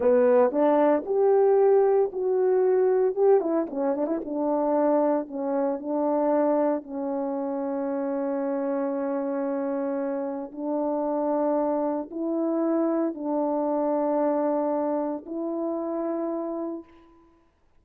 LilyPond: \new Staff \with { instrumentName = "horn" } { \time 4/4 \tempo 4 = 114 b4 d'4 g'2 | fis'2 g'8 e'8 cis'8 d'16 e'16 | d'2 cis'4 d'4~ | d'4 cis'2.~ |
cis'1 | d'2. e'4~ | e'4 d'2.~ | d'4 e'2. | }